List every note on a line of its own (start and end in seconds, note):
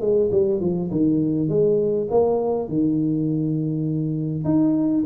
0.00 0.30 G#3
0.31 0.60 G3
0.60 0.90 F3
0.91 1.49 D#3
1.49 2.08 G#3
2.10 2.68 A#3
2.68 4.44 D#3
4.44 5.04 D#4